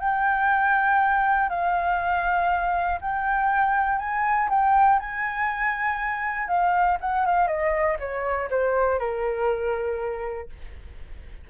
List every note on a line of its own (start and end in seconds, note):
0.00 1.50 G5
1.50 3.00 F5
3.01 3.99 G5
3.99 4.49 G#5
4.50 5.00 G5
5.00 6.48 G#5
6.48 6.98 F5
7.01 7.26 F#5
7.26 7.48 F5
7.48 7.98 D#5
8.00 8.50 C#5
8.50 8.99 C5
8.99 10.49 A#4